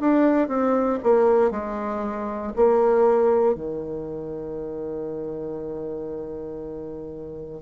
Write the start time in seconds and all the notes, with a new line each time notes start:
0.00 D4
0.48 C4
1.03 A#3
1.51 G#3
2.56 A#3
3.55 D#3